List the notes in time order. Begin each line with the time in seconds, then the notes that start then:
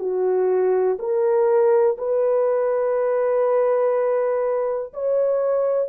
0.00 F#4
0.99 A#4
1.98 B4
4.94 C#5